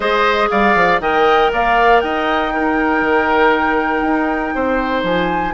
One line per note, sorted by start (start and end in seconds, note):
0.00 0.48 G#3
0.00 1.00 G#4
0.00 0.48 C5
0.00 0.49 D#5
0.49 0.75 G3
0.49 1.01 D5
0.49 1.00 F5
0.75 0.99 F3
0.99 1.50 D#3
0.99 2.51 A#4
0.99 1.51 D#5
0.99 1.51 G5
1.52 2.02 A#3
1.52 2.03 D5
1.52 2.00 F5
2.00 3.01 D#4
2.00 2.53 D#5
2.00 5.02 G5
2.53 5.54 D#4
2.53 4.54 A#4
3.01 4.01 D#3
4.01 4.51 D#4
4.54 5.03 C4
4.54 5.54 C5
5.03 5.53 F3
5.03 5.54 G#5